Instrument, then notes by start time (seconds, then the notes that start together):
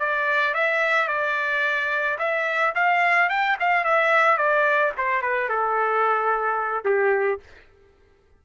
trumpet
0.00 D5
0.55 E5
1.08 D5
2.19 E5
2.75 F5
3.30 G5
3.60 F5
3.85 E5
4.38 D5
4.98 C5
5.22 B4
5.49 A4
6.85 G4